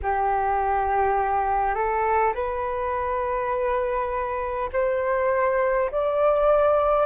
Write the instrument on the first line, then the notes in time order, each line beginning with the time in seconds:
flute
0.02 G4
1.74 A4
2.34 B4
4.72 C5
5.91 D5